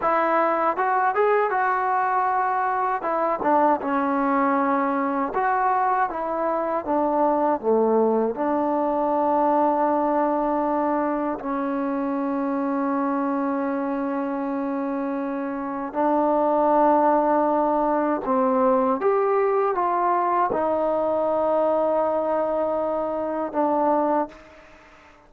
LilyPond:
\new Staff \with { instrumentName = "trombone" } { \time 4/4 \tempo 4 = 79 e'4 fis'8 gis'8 fis'2 | e'8 d'8 cis'2 fis'4 | e'4 d'4 a4 d'4~ | d'2. cis'4~ |
cis'1~ | cis'4 d'2. | c'4 g'4 f'4 dis'4~ | dis'2. d'4 | }